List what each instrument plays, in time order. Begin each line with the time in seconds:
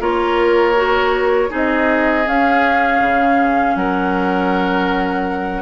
0.00 bassoon A#3, clarinet F4, oboe A#4, flute C#5
0.75 clarinet F#4
1.49 bassoon C4, clarinet D#4, oboe G#4, flute D#5
2.27 bassoon C#4, clarinet C#4, flute F5
3.00 bassoon C#3
3.75 bassoon F#3, oboe A#4, flute F#5